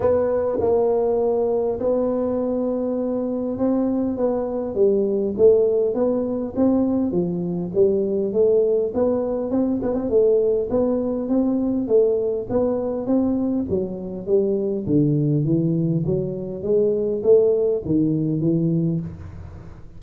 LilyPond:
\new Staff \with { instrumentName = "tuba" } { \time 4/4 \tempo 4 = 101 b4 ais2 b4~ | b2 c'4 b4 | g4 a4 b4 c'4 | f4 g4 a4 b4 |
c'8 b16 c'16 a4 b4 c'4 | a4 b4 c'4 fis4 | g4 d4 e4 fis4 | gis4 a4 dis4 e4 | }